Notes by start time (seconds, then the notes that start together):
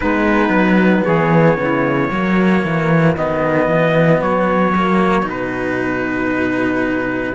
0.00 G#3 B3 D#4 B4
0.49 F#3
1.04 E3 G#4 C#5
1.57 C#3 E4
2.11 F#3 A#3 F#4
2.64 E3
3.16 D#3 B3 D#5
3.68 E3
4.21 F#3 C#5
4.75 A#3
5.22 B2 D#4
5.29 B4